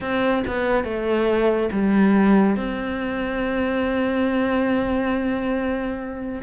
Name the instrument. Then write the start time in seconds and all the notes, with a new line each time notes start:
cello
0.00 C4
0.47 B3
0.84 A3
1.72 G3
2.56 C4